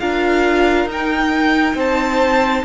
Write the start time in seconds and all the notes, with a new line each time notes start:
0.00 D4 F4 A#4 F5
0.86 D#4
0.92 G5
1.75 C4 C5 A5